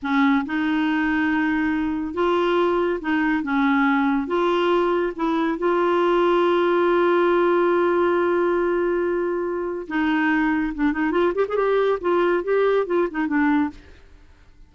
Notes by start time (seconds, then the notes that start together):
0.02 C#4
0.45 D#4
2.14 F4
3.00 D#4
3.43 C#4
4.27 F4
5.16 E4
5.58 F4
9.87 D#4
10.74 D4
10.92 D#4
11.11 F4
11.35 G4
11.48 G#4
11.56 G4
12.01 F4
12.43 G4
12.86 F4
13.10 D#4
13.27 D4